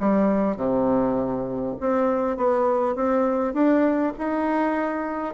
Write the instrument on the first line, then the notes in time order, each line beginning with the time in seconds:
bassoon
0.00 G3
0.57 C3
1.80 C4
2.37 B3
2.96 C4
3.54 D4
4.19 D#4